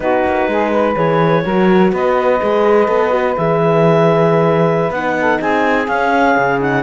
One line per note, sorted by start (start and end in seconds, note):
0.00 0.23 B3
0.00 0.95 D#4
0.00 0.49 F#4
0.00 0.96 B4
0.26 0.47 A#3
0.47 0.95 G#3
0.47 0.71 G#4
0.71 1.43 B4
0.95 1.44 E3
0.95 1.43 G#4
0.95 1.92 C#5
1.43 1.92 F#3
1.43 2.39 F#4
1.43 1.92 A#4
1.92 2.40 B3
1.92 5.16 B4
1.92 3.36 D#5
2.40 2.88 G#3
2.40 2.86 G#4
2.86 3.36 B3
2.86 3.10 A4
3.10 3.34 F#4
3.36 4.90 E3
3.36 4.93 G#4
3.36 4.91 E5
4.90 5.38 B3
4.90 5.86 D#4
4.90 5.39 F#5
5.20 5.39 A4
5.39 5.87 C4
5.39 6.83 G#4
5.39 5.88 G#5
5.86 6.58 C#4
5.86 6.35 C#4
5.86 6.59 F5
6.37 6.83 C#3
6.60 6.83 D#4
6.60 6.83 F#5